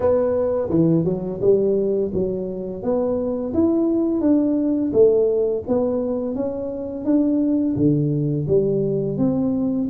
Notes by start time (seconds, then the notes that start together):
0.00 B3
0.69 E3
1.04 F#3
1.41 G3
2.13 F#3
2.82 B3
3.53 E4
4.20 D4
4.92 A3
5.67 B3
6.35 C#4
7.04 D4
7.76 D3
8.47 G3
9.17 C4